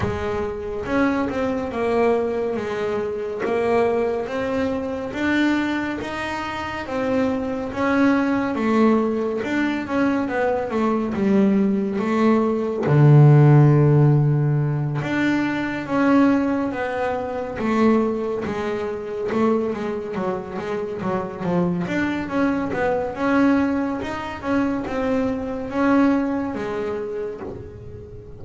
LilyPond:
\new Staff \with { instrumentName = "double bass" } { \time 4/4 \tempo 4 = 70 gis4 cis'8 c'8 ais4 gis4 | ais4 c'4 d'4 dis'4 | c'4 cis'4 a4 d'8 cis'8 | b8 a8 g4 a4 d4~ |
d4. d'4 cis'4 b8~ | b8 a4 gis4 a8 gis8 fis8 | gis8 fis8 f8 d'8 cis'8 b8 cis'4 | dis'8 cis'8 c'4 cis'4 gis4 | }